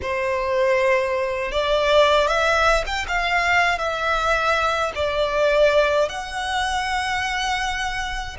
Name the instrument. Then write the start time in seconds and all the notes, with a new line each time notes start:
violin
0.01 C5
1.51 D5
2.27 E5
2.86 G5
3.08 F5
3.78 E5
4.95 D5
6.08 F#5